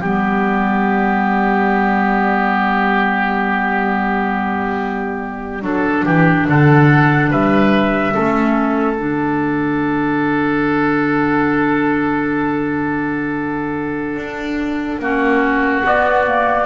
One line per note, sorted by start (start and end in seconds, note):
0.00 5.62 G3
0.00 5.62 B3
0.00 5.62 G4
0.00 6.48 D5
5.62 6.04 F#3
5.62 8.12 D4
5.62 6.05 A4
6.05 6.48 E3
6.05 6.47 G4
6.48 7.32 D3
6.48 7.30 A4
6.48 7.32 F#5
7.30 8.15 G3
7.30 8.14 B4
7.30 8.95 E5
8.13 8.99 A3
8.13 8.97 C#4
8.13 15.01 A4
8.95 14.17 D3
8.95 15.02 D4
8.95 15.82 F#5
14.17 14.99 D4
14.99 15.82 A#3
14.99 15.84 C#4
14.99 16.66 F#4
15.84 16.25 B3
15.84 16.66 B3
15.84 16.66 D5
16.27 16.66 A#3